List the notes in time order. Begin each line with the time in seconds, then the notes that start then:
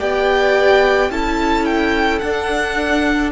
0.00 B3 G4 D5 G5
1.10 C#4 E4 A4 A5
1.66 G5
2.19 D4 F#5